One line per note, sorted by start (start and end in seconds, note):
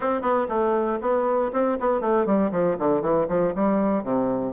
0.00 0.21 C4
0.21 0.46 B3
0.49 0.99 A3
1.01 1.51 B3
1.52 1.77 C4
1.80 2.01 B3
2.01 2.26 A3
2.26 2.51 G3
2.51 2.77 F3
2.78 3.01 D3
3.01 3.27 E3
3.28 3.53 F3
3.55 4.03 G3
4.03 4.53 C3